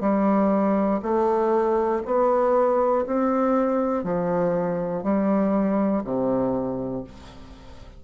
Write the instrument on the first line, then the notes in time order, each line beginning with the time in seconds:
bassoon
0.00 G3
1.02 A3
2.05 B3
3.06 C4
4.03 F3
5.03 G3
6.04 C3